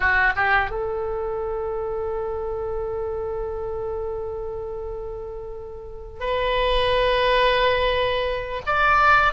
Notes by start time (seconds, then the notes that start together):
0.00 F#4
0.36 G4
0.70 A4
6.20 B4
8.66 D5